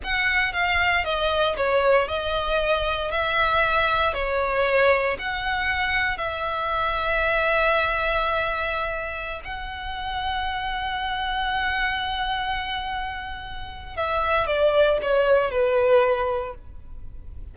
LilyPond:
\new Staff \with { instrumentName = "violin" } { \time 4/4 \tempo 4 = 116 fis''4 f''4 dis''4 cis''4 | dis''2 e''2 | cis''2 fis''2 | e''1~ |
e''2~ e''16 fis''4.~ fis''16~ | fis''1~ | fis''2. e''4 | d''4 cis''4 b'2 | }